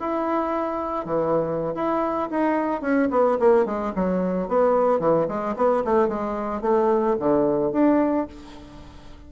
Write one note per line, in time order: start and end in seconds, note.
0.00 1.05 E4
1.05 1.74 E3
1.75 2.29 E4
2.30 2.81 D#4
2.81 3.09 C#4
3.11 3.38 B3
3.39 3.65 A#3
3.65 3.92 G#3
3.95 4.48 F#3
4.48 4.99 B3
4.99 5.27 E3
5.28 5.56 G#3
5.56 5.83 B3
5.85 6.08 A3
6.08 6.61 G#3
6.61 7.16 A3
7.20 7.72 D3
7.72 8.27 D4